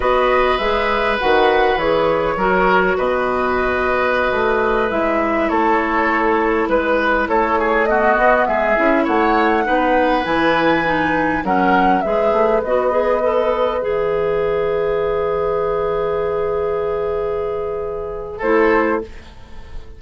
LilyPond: <<
  \new Staff \with { instrumentName = "flute" } { \time 4/4 \tempo 4 = 101 dis''4 e''4 fis''4 cis''4~ | cis''4 dis''2.~ | dis''16 e''4 cis''2 b'8.~ | b'16 cis''4 dis''4 e''4 fis''8.~ |
fis''4~ fis''16 gis''2 fis''8.~ | fis''16 e''4 dis''2 e''8.~ | e''1~ | e''2. c''4 | }
  \new Staff \with { instrumentName = "oboe" } { \time 4/4 b'1 | ais'4 b'2.~ | b'4~ b'16 a'2 b'8.~ | b'16 a'8 gis'8 fis'4 gis'4 cis''8.~ |
cis''16 b'2. ais'8.~ | ais'16 b'2.~ b'8.~ | b'1~ | b'2. a'4 | }
  \new Staff \with { instrumentName = "clarinet" } { \time 4/4 fis'4 gis'4 fis'4 gis'4 | fis'1~ | fis'16 e'2.~ e'8.~ | e'4~ e'16 b4. e'4~ e'16~ |
e'16 dis'4 e'4 dis'4 cis'8.~ | cis'16 gis'4 fis'8 gis'8 a'4 gis'8.~ | gis'1~ | gis'2. e'4 | }
  \new Staff \with { instrumentName = "bassoon" } { \time 4/4 b4 gis4 dis4 e4 | fis4 b,2~ b,16 a8.~ | a16 gis4 a2 gis8.~ | gis16 a4. b8 gis8 cis'8 a8.~ |
a16 b4 e2 fis8.~ | fis16 gis8 a8 b2 e8.~ | e1~ | e2. a4 | }
>>